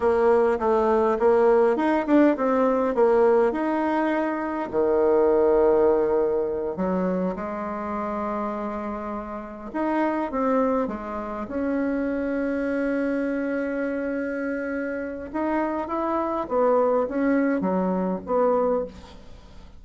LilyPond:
\new Staff \with { instrumentName = "bassoon" } { \time 4/4 \tempo 4 = 102 ais4 a4 ais4 dis'8 d'8 | c'4 ais4 dis'2 | dis2.~ dis8 fis8~ | fis8 gis2.~ gis8~ |
gis8 dis'4 c'4 gis4 cis'8~ | cis'1~ | cis'2 dis'4 e'4 | b4 cis'4 fis4 b4 | }